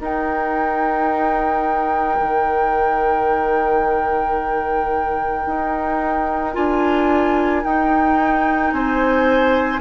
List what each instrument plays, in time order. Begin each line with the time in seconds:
0.00 bassoon D#4, clarinet D#4, oboe A#4, flute G5
2.19 bassoon D#3
5.46 bassoon D#4
6.53 bassoon D4, clarinet F4, flute G#5
7.63 bassoon D#4, clarinet D#4, flute G5
8.71 bassoon C4, oboe C5, flute G#5